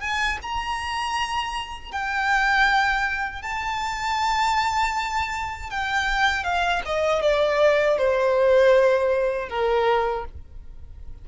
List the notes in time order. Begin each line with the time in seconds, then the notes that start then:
0.00 G#5
0.42 A#5
1.92 G5
3.42 A5
5.70 G5
6.44 F5
6.85 D#5
7.22 D5
7.98 C5
9.49 A#4